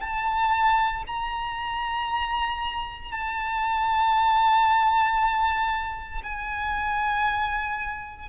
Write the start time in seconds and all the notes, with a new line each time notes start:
0.00 A5
1.07 A#5
3.12 A5
6.23 G#5